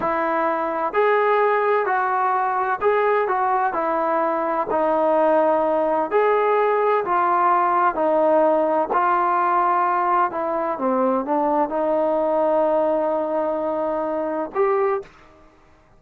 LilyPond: \new Staff \with { instrumentName = "trombone" } { \time 4/4 \tempo 4 = 128 e'2 gis'2 | fis'2 gis'4 fis'4 | e'2 dis'2~ | dis'4 gis'2 f'4~ |
f'4 dis'2 f'4~ | f'2 e'4 c'4 | d'4 dis'2.~ | dis'2. g'4 | }